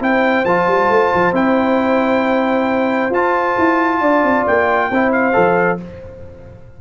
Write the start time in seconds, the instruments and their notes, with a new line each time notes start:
0.00 tuba C4, trombone E4, horn C5, trumpet G5
0.45 tuba F3, trombone F4, trumpet A5
0.67 tuba G3
0.89 tuba A3
1.14 tuba F3
1.33 tuba C4, trombone E4, trumpet G5
3.10 tuba F4, trombone F4, trumpet A5
3.58 tuba E4
4.00 tuba D4, horn D5
4.23 tuba C4
4.47 tuba A#3, trumpet G5
4.90 tuba C4, trombone E4, horn C5
5.12 trumpet F5
5.33 tuba F3, trombone A4